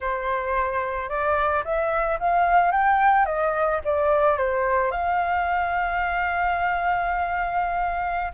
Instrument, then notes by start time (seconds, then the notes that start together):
flute
0.00 C5
1.09 D5
1.64 E5
2.19 F5
2.71 G5
3.25 D#5
3.84 D5
4.37 C5
4.91 F5